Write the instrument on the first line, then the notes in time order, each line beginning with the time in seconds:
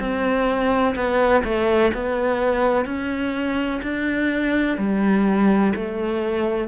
cello
0.00 C4
0.96 B3
1.44 A3
1.94 B3
2.85 C#4
3.83 D4
4.78 G3
5.75 A3